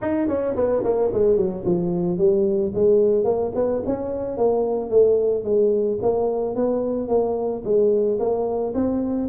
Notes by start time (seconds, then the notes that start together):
0.01 D#4
0.28 C#4
0.55 B3
0.83 A#3
1.13 G#3
1.36 F#3
1.65 F3
2.17 G3
2.74 G#3
3.24 A#3
3.55 B3
3.86 C#4
4.37 A#3
4.90 A3
5.44 G#3
6.01 A#3
6.55 B3
7.08 A#3
7.64 G#3
8.19 A#3
8.74 C4